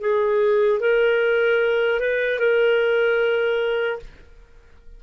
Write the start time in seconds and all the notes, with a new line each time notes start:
0.00 G#4
0.80 A#4
2.00 B4
2.39 A#4